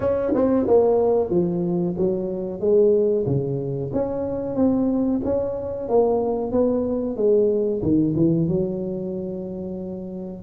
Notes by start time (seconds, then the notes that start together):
0.00 C#4
0.34 C4
0.67 A#3
1.30 F3
1.97 F#3
2.60 G#3
3.25 C#3
3.93 C#4
4.55 C4
5.24 C#4
5.88 A#3
6.51 B3
7.16 G#3
7.82 D#3
8.16 E3
8.48 F#3